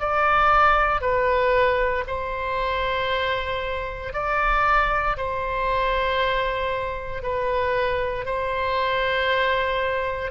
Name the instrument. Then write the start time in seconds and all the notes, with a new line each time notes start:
oboe
0.00 D5
1.02 B4
2.08 C5
4.13 D5
5.18 C5
7.23 B4
8.26 C5